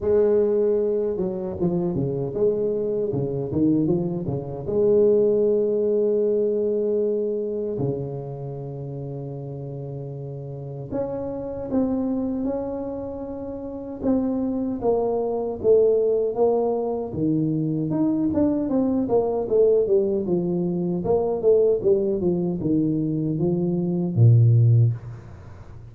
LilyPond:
\new Staff \with { instrumentName = "tuba" } { \time 4/4 \tempo 4 = 77 gis4. fis8 f8 cis8 gis4 | cis8 dis8 f8 cis8 gis2~ | gis2 cis2~ | cis2 cis'4 c'4 |
cis'2 c'4 ais4 | a4 ais4 dis4 dis'8 d'8 | c'8 ais8 a8 g8 f4 ais8 a8 | g8 f8 dis4 f4 ais,4 | }